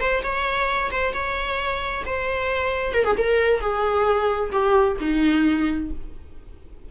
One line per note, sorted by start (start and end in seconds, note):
0.00 0.23 C5
0.23 0.91 C#5
0.91 1.13 C5
1.13 2.04 C#5
2.05 2.93 C5
2.93 3.04 A#4
3.04 3.16 G#4
3.17 3.60 A#4
3.60 4.50 G#4
4.52 4.97 G4
5.00 5.91 D#4